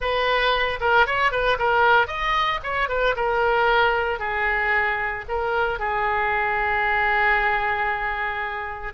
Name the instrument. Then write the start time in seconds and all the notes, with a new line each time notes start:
oboe
0.00 B4
0.80 A#4
1.06 C#5
1.31 B4
1.59 A#4
2.07 D#5
2.63 C#5
2.89 B4
3.16 A#4
4.19 G#4
5.28 A#4
5.79 G#4